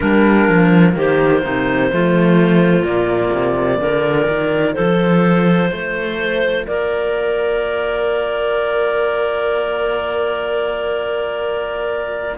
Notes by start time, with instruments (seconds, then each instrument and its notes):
0.00 cello G3 A#3, clarinet D4 A#4
0.48 cello F3
0.95 cello D#3, clarinet G4 C5
1.42 cello C3, clarinet D#4
1.91 cello F3 A3, clarinet F4
2.82 cello A#2 A#3, clarinet D5
3.32 cello C3
3.78 cello D3 F4, clarinet A#4
4.27 cello D#3
4.73 cello F3, clarinet A4 C5
5.70 cello A3, clarinet C5
6.66 cello A#3, clarinet A#4 D5